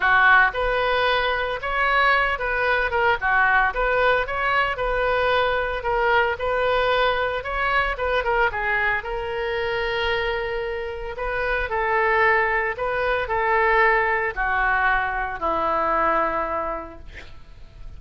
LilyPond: \new Staff \with { instrumentName = "oboe" } { \time 4/4 \tempo 4 = 113 fis'4 b'2 cis''4~ | cis''8 b'4 ais'8 fis'4 b'4 | cis''4 b'2 ais'4 | b'2 cis''4 b'8 ais'8 |
gis'4 ais'2.~ | ais'4 b'4 a'2 | b'4 a'2 fis'4~ | fis'4 e'2. | }